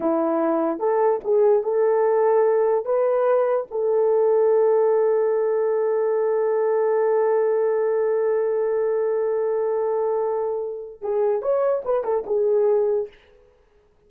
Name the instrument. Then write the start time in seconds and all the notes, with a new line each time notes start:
horn
0.00 E4
0.79 A4
1.24 G#4
1.63 A4
2.85 B4
3.71 A4
11.01 G#4
11.42 C#5
11.84 B4
12.04 A4
12.26 G#4